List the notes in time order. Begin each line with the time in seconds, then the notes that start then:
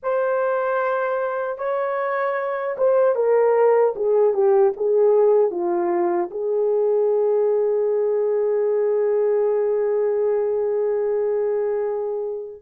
0.03 C5
1.58 C#5
2.77 C5
3.15 A#4
3.95 G#4
4.33 G4
4.76 G#4
5.50 F4
6.31 G#4